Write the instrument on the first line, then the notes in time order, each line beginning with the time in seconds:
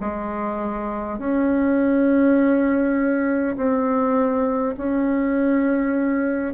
bassoon
0.00 G#3
1.18 C#4
3.56 C4
4.77 C#4